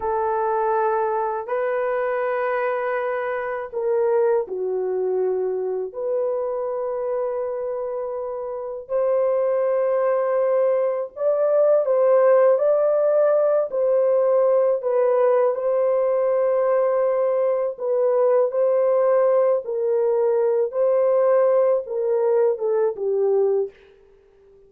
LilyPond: \new Staff \with { instrumentName = "horn" } { \time 4/4 \tempo 4 = 81 a'2 b'2~ | b'4 ais'4 fis'2 | b'1 | c''2. d''4 |
c''4 d''4. c''4. | b'4 c''2. | b'4 c''4. ais'4. | c''4. ais'4 a'8 g'4 | }